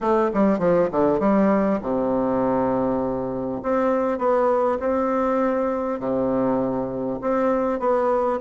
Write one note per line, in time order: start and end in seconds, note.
0.01 0.31 A3
0.33 0.58 G3
0.58 0.88 F3
0.91 1.19 D3
1.19 1.79 G3
1.81 3.61 C3
3.62 4.18 C4
4.18 4.78 B3
4.79 5.99 C4
5.99 7.19 C3
7.21 7.79 C4
7.79 8.39 B3